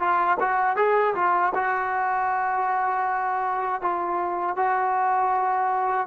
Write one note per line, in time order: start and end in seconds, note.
0.00 0.38 F4
0.40 0.77 F#4
0.77 1.15 G#4
1.15 1.53 F4
1.55 3.82 F#4
3.82 4.57 F4
4.57 6.08 F#4